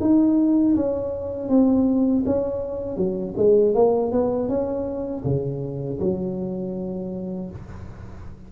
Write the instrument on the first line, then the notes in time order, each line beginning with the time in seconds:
tuba
0.00 D#4
0.75 C#4
1.48 C4
2.25 C#4
2.96 F#3
3.36 G#3
3.74 A#3
4.11 B3
4.48 C#4
5.24 C#3
5.99 F#3